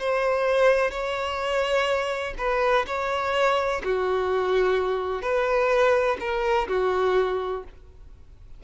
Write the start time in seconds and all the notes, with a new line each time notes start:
0.00 C5
0.91 C#5
2.39 B4
2.87 C#5
3.84 F#4
5.22 B4
6.20 A#4
6.68 F#4